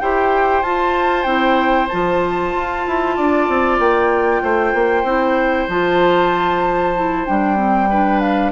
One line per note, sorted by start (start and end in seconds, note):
0.00 0.63 E4
0.00 0.64 G4
0.00 3.16 C5
0.00 0.63 G5
0.63 1.25 F4
0.63 1.24 A5
1.24 1.88 C4
1.24 1.88 E4
1.24 1.87 G5
1.88 2.54 F3
1.88 5.06 F4
1.88 3.78 A5
2.54 2.86 F4
2.87 3.18 E4
3.16 3.49 D4
3.16 4.43 D5
3.49 3.79 C4
3.79 4.42 A#3
3.79 5.70 G5
4.43 4.74 A3
4.43 7.90 C5
4.74 5.04 A#3
5.04 5.67 C4
5.04 5.69 E4
5.68 7.26 F3
5.68 6.96 F4
5.68 7.26 A5
6.96 7.27 E4
7.26 8.52 G3
7.26 7.57 D4
7.26 8.20 G5
7.57 7.88 C4
7.90 8.52 D4
7.90 8.52 B4
8.20 8.52 F5